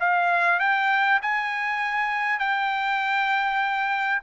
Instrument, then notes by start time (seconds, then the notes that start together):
trumpet
0.00 F5
0.60 G5
1.22 G#5
2.40 G5